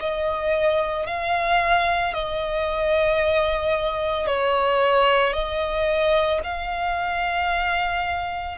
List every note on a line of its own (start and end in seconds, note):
0.00 1.07 D#5
1.07 2.14 F5
2.14 4.28 D#5
4.28 5.34 C#5
5.34 6.41 D#5
6.44 8.58 F5